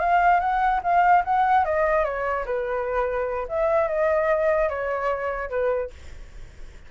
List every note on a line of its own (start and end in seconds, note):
0.00 0.40 F5
0.40 0.81 F#5
0.83 1.24 F5
1.25 1.65 F#5
1.65 2.05 D#5
2.05 2.45 C#5
2.46 3.47 B4
3.48 3.88 E5
3.88 4.69 D#5
4.69 5.50 C#5
5.50 5.90 B4